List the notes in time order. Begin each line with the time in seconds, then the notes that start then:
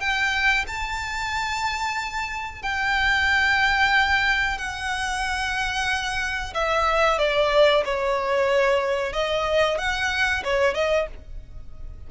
0.00 G5
0.67 A5
2.62 G5
4.58 F#5
6.54 E5
7.19 D5
7.85 C#5
9.13 D#5
9.78 F#5
10.44 C#5
10.74 D#5